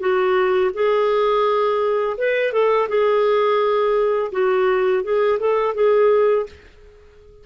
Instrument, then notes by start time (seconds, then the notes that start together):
clarinet
0.00 F#4
0.74 G#4
2.18 B4
2.53 A4
2.89 G#4
4.32 F#4
5.04 G#4
5.40 A4
5.75 G#4